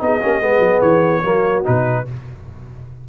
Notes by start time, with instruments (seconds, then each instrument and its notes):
0.00 tuba B3, trombone D#4, horn G#4, trumpet D#5
0.21 tuba A#3, trombone C#4, horn G4
0.41 tuba G#3, trombone B3, horn G#4
0.59 tuba F#3
0.81 tuba E3, trumpet C#5
1.22 tuba F#3, trombone A#3, horn F#4
1.64 tuba B2, trombone D#4, trumpet B4